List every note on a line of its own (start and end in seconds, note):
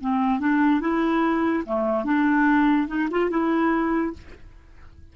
0.00 0.39 C4
0.39 0.80 D4
0.80 1.63 E4
1.65 2.04 A3
2.04 2.87 D4
2.87 3.08 D#4
3.11 3.30 F4
3.30 4.13 E4